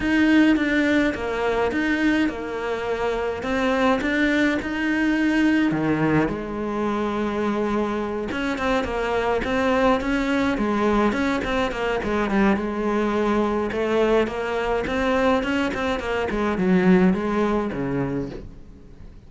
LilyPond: \new Staff \with { instrumentName = "cello" } { \time 4/4 \tempo 4 = 105 dis'4 d'4 ais4 dis'4 | ais2 c'4 d'4 | dis'2 dis4 gis4~ | gis2~ gis8 cis'8 c'8 ais8~ |
ais8 c'4 cis'4 gis4 cis'8 | c'8 ais8 gis8 g8 gis2 | a4 ais4 c'4 cis'8 c'8 | ais8 gis8 fis4 gis4 cis4 | }